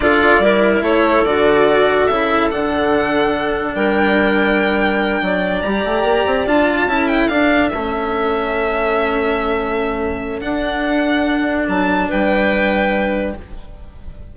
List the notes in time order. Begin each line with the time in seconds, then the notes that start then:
0.00 D4 F4 A4 D5
0.39 G3 E4 A#4
0.81 A3 A4 C#5
1.24 D3 F#4 D5
2.06 C#3 E4 E5
2.50 D3 D4 F#5
3.74 G3 A#4 G5
5.21 F#3 D5
5.61 G3 G4 A#5
5.84 A3
6.03 A#3
6.26 C4
6.46 D4 F4 A5
6.86 C#4 E4 A4
7.07 G5
7.27 D4 F5
7.69 A3 C#4 E5
10.40 D4 F#5
11.68 F#3 A5
12.08 G3 B4 G5